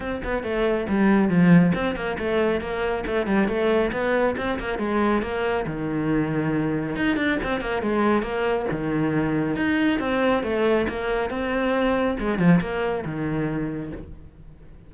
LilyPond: \new Staff \with { instrumentName = "cello" } { \time 4/4 \tempo 4 = 138 c'8 b8 a4 g4 f4 | c'8 ais8 a4 ais4 a8 g8 | a4 b4 c'8 ais8 gis4 | ais4 dis2. |
dis'8 d'8 c'8 ais8 gis4 ais4 | dis2 dis'4 c'4 | a4 ais4 c'2 | gis8 f8 ais4 dis2 | }